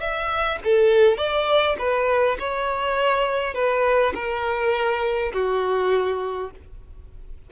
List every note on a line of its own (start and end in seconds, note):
0.00 0.59 E5
0.64 1.17 A4
1.17 1.76 D5
1.78 2.37 B4
2.39 3.53 C#5
3.53 4.12 B4
4.14 5.32 A#4
5.33 6.50 F#4